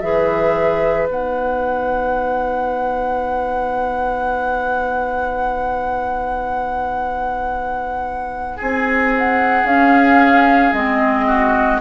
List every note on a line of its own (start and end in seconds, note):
0.00 1.08 E3
0.00 1.08 G#4
0.00 8.56 B4
0.00 1.07 E5
1.08 8.58 B3
1.08 9.65 D#4
1.08 8.59 F#5
8.56 9.64 C4
8.56 11.24 G#4
8.56 9.13 G#5
9.18 9.66 F#5
9.64 10.71 C#4
9.64 10.74 C#4
9.64 10.73 F5
10.73 11.80 G#3
10.73 11.80 C4
10.73 11.80 D#5
11.27 11.80 F#4